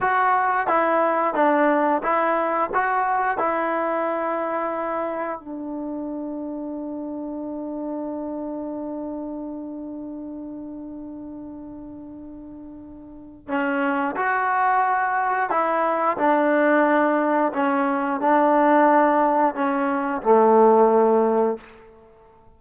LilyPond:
\new Staff \with { instrumentName = "trombone" } { \time 4/4 \tempo 4 = 89 fis'4 e'4 d'4 e'4 | fis'4 e'2. | d'1~ | d'1~ |
d'1 | cis'4 fis'2 e'4 | d'2 cis'4 d'4~ | d'4 cis'4 a2 | }